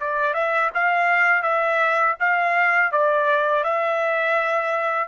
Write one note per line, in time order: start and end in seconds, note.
0.00 0.34 D5
0.34 0.71 E5
0.74 1.43 F5
1.43 2.16 E5
2.20 2.92 F5
2.92 3.64 D5
3.64 5.09 E5